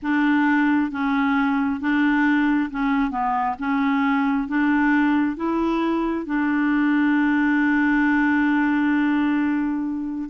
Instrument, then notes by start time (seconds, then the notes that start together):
clarinet
0.02 D4
0.91 C#4
1.80 D4
2.70 C#4
3.11 B3
3.58 C#4
4.48 D4
5.36 E4
6.26 D4